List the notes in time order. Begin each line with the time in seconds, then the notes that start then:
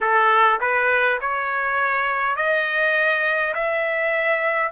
0.00 A4
0.60 B4
1.21 C#5
2.36 D#5
3.54 E5